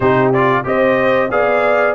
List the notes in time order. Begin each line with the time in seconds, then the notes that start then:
0.00 C3 D#4 G4 C5
0.33 F4 D5
0.64 C4 G4 C5 D#5
1.30 B3 G#4 D5 F5